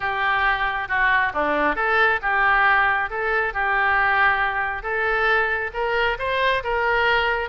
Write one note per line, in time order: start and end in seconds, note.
0.00 0.88 G4
0.88 1.32 F#4
1.33 1.75 D4
1.75 2.19 A4
2.22 3.09 G4
3.09 3.53 A4
3.53 4.82 G4
4.82 5.71 A4
5.73 6.17 A#4
6.19 6.63 C5
6.63 7.49 A#4